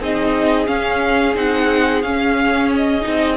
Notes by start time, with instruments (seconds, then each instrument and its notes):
0.00 cello C4, viola D#4, violin G#4 D#5
0.66 viola C#4, cello C#4, violin F5
1.34 cello C4, viola D#4, violin F#5
2.02 cello C#4, viola C#4, violin F5
2.76 violin D#5
3.01 viola D#4
3.07 cello C4